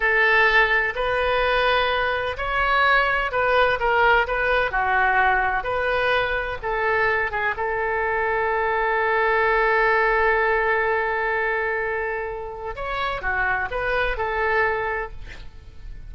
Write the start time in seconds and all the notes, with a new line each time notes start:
0.00 A4
0.95 B4
2.37 C#5
3.31 B4
3.79 A#4
4.27 B4
4.71 F#4
5.63 B4
6.62 A4
7.31 G#4
7.56 A4
12.75 C#5
13.21 F#4
13.70 B4
14.17 A4